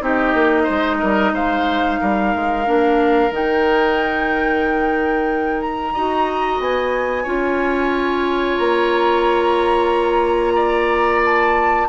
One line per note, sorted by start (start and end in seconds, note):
0.00 0.34 C4
0.00 2.64 D#4
0.00 0.63 G4
0.00 1.34 D#5
0.34 0.67 A#3
0.63 0.96 C5
0.70 1.02 G#3
0.99 1.32 G3
0.99 1.32 A#4
1.32 1.98 G#3
1.32 2.00 C5
1.32 3.32 F5
2.00 2.35 G3
2.00 5.93 A#4
2.35 2.67 G#3
2.65 3.30 A#3
2.65 3.31 D4
3.30 5.94 D#3
3.30 5.94 D#4
3.30 5.61 G5
5.61 6.60 A#5
5.93 6.59 D#4
5.93 7.26 F#4
5.93 7.23 D#5
6.59 7.25 B3
6.59 8.57 G#5
7.23 8.57 C#4
7.23 11.87 F4
7.23 10.53 C#5
8.57 11.88 A#3
8.57 11.21 A#5
10.56 11.87 D5
11.25 11.89 A5